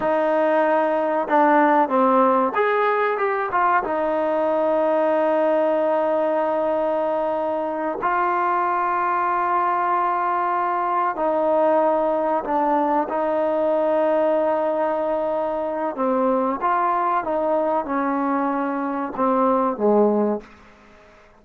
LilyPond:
\new Staff \with { instrumentName = "trombone" } { \time 4/4 \tempo 4 = 94 dis'2 d'4 c'4 | gis'4 g'8 f'8 dis'2~ | dis'1~ | dis'8 f'2.~ f'8~ |
f'4. dis'2 d'8~ | d'8 dis'2.~ dis'8~ | dis'4 c'4 f'4 dis'4 | cis'2 c'4 gis4 | }